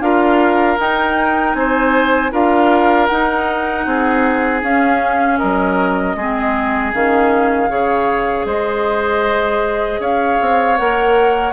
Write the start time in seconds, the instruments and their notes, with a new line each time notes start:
0.00 bassoon D4, clarinet F4, oboe A#4, flute F5
0.78 clarinet D#4, bassoon D#4, flute G5
1.54 bassoon C4, oboe C5, flute G#5
2.31 bassoon D4, clarinet F4, oboe A#4, flute F5
3.06 bassoon D#4, clarinet D#4, flute F#5
3.86 bassoon C4, oboe G#4
4.62 bassoon C#4, clarinet C#4, flute F5
5.38 bassoon F#3, oboe A#4, flute D#5
6.16 bassoon G#3, clarinet C4, oboe G#4
6.93 bassoon D#3, clarinet C#4, flute F5
7.69 bassoon C#3, clarinet G#4, oboe C#5
8.45 bassoon G#3, oboe C5, flute D#5
10.00 bassoon C#4, oboe C#5, flute F5
10.41 bassoon C4
10.77 bassoon A#3, clarinet A#4, flute F#5